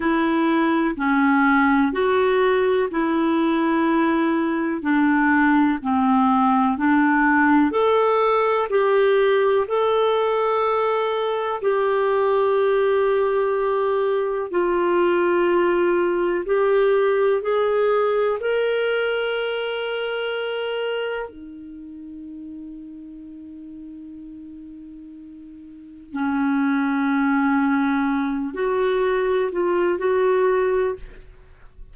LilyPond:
\new Staff \with { instrumentName = "clarinet" } { \time 4/4 \tempo 4 = 62 e'4 cis'4 fis'4 e'4~ | e'4 d'4 c'4 d'4 | a'4 g'4 a'2 | g'2. f'4~ |
f'4 g'4 gis'4 ais'4~ | ais'2 dis'2~ | dis'2. cis'4~ | cis'4. fis'4 f'8 fis'4 | }